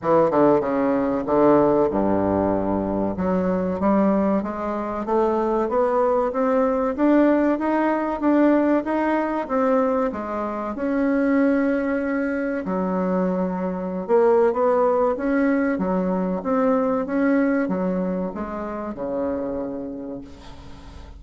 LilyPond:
\new Staff \with { instrumentName = "bassoon" } { \time 4/4 \tempo 4 = 95 e8 d8 cis4 d4 g,4~ | g,4 fis4 g4 gis4 | a4 b4 c'4 d'4 | dis'4 d'4 dis'4 c'4 |
gis4 cis'2. | fis2~ fis16 ais8. b4 | cis'4 fis4 c'4 cis'4 | fis4 gis4 cis2 | }